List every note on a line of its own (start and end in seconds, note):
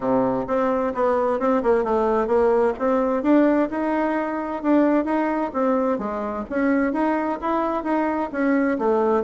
0.00 0.45 C3
0.47 0.93 C4
0.94 1.39 B3
1.39 1.62 C4
1.63 1.84 A#3
1.84 2.27 A3
2.27 2.73 A#3
2.79 3.22 C4
3.22 3.69 D4
3.70 4.62 D#4
4.62 5.05 D4
5.05 5.51 D#4
5.53 5.98 C4
5.98 6.44 G#3
6.49 6.92 C#4
6.92 7.38 D#4
7.41 7.83 E4
7.83 8.30 D#4
8.32 8.78 C#4
8.78 9.23 A3